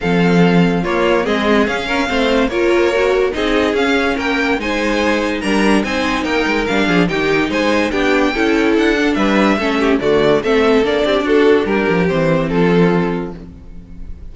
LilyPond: <<
  \new Staff \with { instrumentName = "violin" } { \time 4/4 \tempo 4 = 144 f''2 cis''4 dis''4 | f''2 cis''2 | dis''4 f''4 g''4 gis''4~ | gis''4 ais''4 gis''4 g''4 |
f''4 g''4 gis''4 g''4~ | g''4 fis''4 e''2 | d''4 e''4 d''4 a'4 | ais'4 c''4 a'2 | }
  \new Staff \with { instrumentName = "violin" } { \time 4/4 a'2 f'4 gis'4~ | gis'8 ais'8 c''4 ais'2 | gis'2 ais'4 c''4~ | c''4 ais'4 c''4 ais'4~ |
ais'8 gis'8 g'4 c''4 g'4 | a'2 b'4 a'8 g'8 | fis'4 a'4. g'8 fis'4 | g'2 f'2 | }
  \new Staff \with { instrumentName = "viola" } { \time 4/4 c'2 ais4 c'4 | cis'4 c'4 f'4 fis'4 | dis'4 cis'2 dis'4~ | dis'4 d'4 dis'2 |
d'4 dis'2 d'4 | e'4. d'4. cis'4 | a4 c'4 d'2~ | d'4 c'2. | }
  \new Staff \with { instrumentName = "cello" } { \time 4/4 f2 ais4 gis4 | cis'4 a4 ais2 | c'4 cis'4 ais4 gis4~ | gis4 g4 c'4 ais8 gis8 |
g8 f8 dis4 gis4 b4 | cis'4 d'4 g4 a4 | d4 a4 ais8 c'8 d'4 | g8 f8 e4 f2 | }
>>